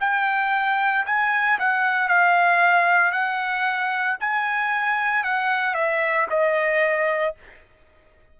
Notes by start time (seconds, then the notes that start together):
0.00 G5
1.05 G#5
1.59 F#5
2.08 F5
3.11 F#5
4.20 G#5
5.23 F#5
5.74 E5
6.30 D#5